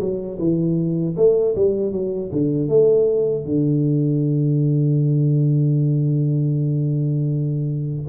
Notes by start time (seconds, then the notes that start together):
0.00 F#3
0.39 E3
1.17 A3
1.56 G3
1.92 F#3
2.33 D3
2.69 A3
3.45 D3